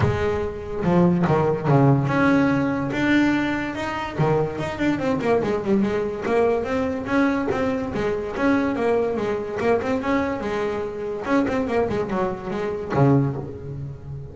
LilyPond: \new Staff \with { instrumentName = "double bass" } { \time 4/4 \tempo 4 = 144 gis2 f4 dis4 | cis4 cis'2 d'4~ | d'4 dis'4 dis4 dis'8 d'8 | c'8 ais8 gis8 g8 gis4 ais4 |
c'4 cis'4 c'4 gis4 | cis'4 ais4 gis4 ais8 c'8 | cis'4 gis2 cis'8 c'8 | ais8 gis8 fis4 gis4 cis4 | }